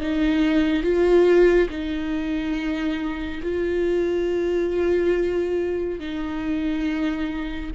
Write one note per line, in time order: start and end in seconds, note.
0.00 0.83 D#4
0.83 1.68 F4
1.69 3.41 D#4
3.42 5.99 F4
5.99 7.71 D#4